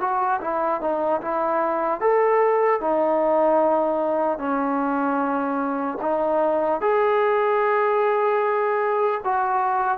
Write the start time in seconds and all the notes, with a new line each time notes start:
0.00 F#4
0.41 E4
0.81 D#4
1.21 E4
2.00 A4
2.80 D#4
4.38 C#4
6.01 D#4
6.81 G#4
9.24 F#4